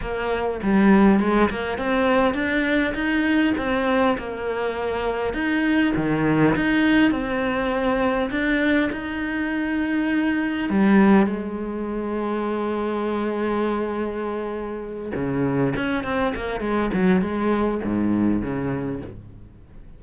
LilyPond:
\new Staff \with { instrumentName = "cello" } { \time 4/4 \tempo 4 = 101 ais4 g4 gis8 ais8 c'4 | d'4 dis'4 c'4 ais4~ | ais4 dis'4 dis4 dis'4 | c'2 d'4 dis'4~ |
dis'2 g4 gis4~ | gis1~ | gis4. cis4 cis'8 c'8 ais8 | gis8 fis8 gis4 gis,4 cis4 | }